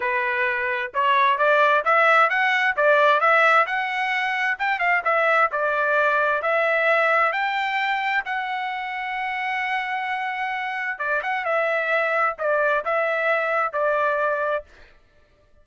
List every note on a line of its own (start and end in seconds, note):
0.00 0.91 B4
0.93 1.38 C#5
1.38 1.84 D5
1.84 2.29 E5
2.29 2.75 F#5
2.76 3.20 D5
3.20 3.66 E5
3.66 4.58 F#5
4.58 4.79 G5
4.79 5.02 F5
5.04 5.50 E5
5.51 6.42 D5
6.42 7.32 E5
7.32 8.23 G5
8.25 10.98 F#5
10.98 11.21 D5
11.23 11.44 F#5
11.44 12.36 E5
12.38 12.84 D5
12.84 13.73 E5
13.73 14.64 D5